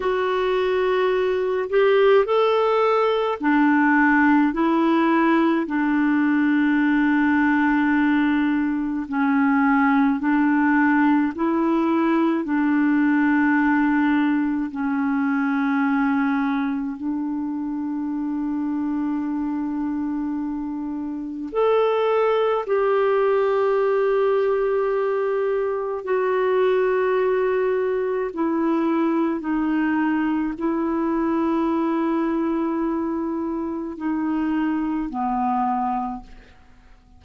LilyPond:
\new Staff \with { instrumentName = "clarinet" } { \time 4/4 \tempo 4 = 53 fis'4. g'8 a'4 d'4 | e'4 d'2. | cis'4 d'4 e'4 d'4~ | d'4 cis'2 d'4~ |
d'2. a'4 | g'2. fis'4~ | fis'4 e'4 dis'4 e'4~ | e'2 dis'4 b4 | }